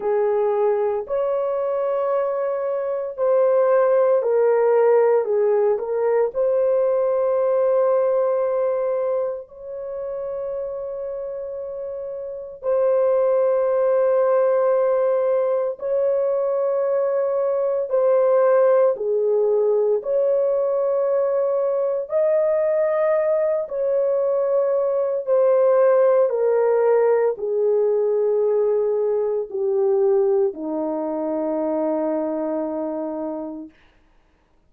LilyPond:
\new Staff \with { instrumentName = "horn" } { \time 4/4 \tempo 4 = 57 gis'4 cis''2 c''4 | ais'4 gis'8 ais'8 c''2~ | c''4 cis''2. | c''2. cis''4~ |
cis''4 c''4 gis'4 cis''4~ | cis''4 dis''4. cis''4. | c''4 ais'4 gis'2 | g'4 dis'2. | }